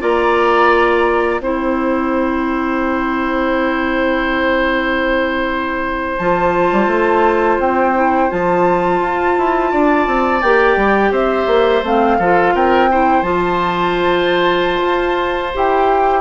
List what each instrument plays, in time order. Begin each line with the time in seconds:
0.00 bassoon A#3, clarinet F4, oboe D5, flute A#5
1.40 bassoon C4, clarinet E4, oboe C5, flute G5
6.18 bassoon F3, clarinet F4, flute A5
6.72 bassoon G3
6.87 bassoon A3
7.59 bassoon C4, flute G5
7.95 clarinet E4
8.29 bassoon F3, clarinet F4, flute A5
9.00 bassoon F4
9.38 bassoon E4
9.71 bassoon D4, oboe D5
10.07 bassoon C4
10.42 bassoon A#3, clarinet G4, flute G5
10.77 bassoon G3
11.11 bassoon C4, oboe C5, flute E5
11.47 bassoon A#3
11.84 bassoon A3, clarinet C4, flute F5
12.19 bassoon F3, clarinet F4, oboe A4
12.54 bassoon C4, oboe A#4, flute G5
12.91 clarinet E4, oboe C5
13.22 bassoon F3, clarinet F4, flute A5
14.82 bassoon F4
15.53 bassoon E4, clarinet G4, flute G5